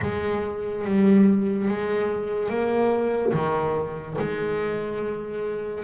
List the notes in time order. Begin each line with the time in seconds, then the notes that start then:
0.02 G#3
0.84 G3
1.68 G#3
2.49 A#3
3.33 D#3
4.18 G#3